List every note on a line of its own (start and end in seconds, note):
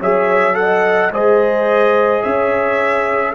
0.00 1.11 F#3
0.00 0.53 G#4
0.00 0.56 C#5
0.00 0.55 E5
0.53 1.09 A4
0.53 1.11 F#5
0.60 1.13 D#5
1.11 2.22 G#3
1.11 3.35 G#4
1.11 2.25 C5
1.11 2.22 D#5
2.22 3.35 C#4
2.22 3.35 C#5
2.22 3.34 E5